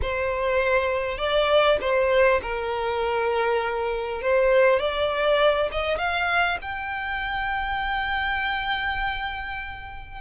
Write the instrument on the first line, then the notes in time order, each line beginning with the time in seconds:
violin
0.01 C5
1.18 D5
1.81 C5
2.42 A#4
4.21 C5
4.79 D5
5.71 D#5
5.98 F5
6.61 G5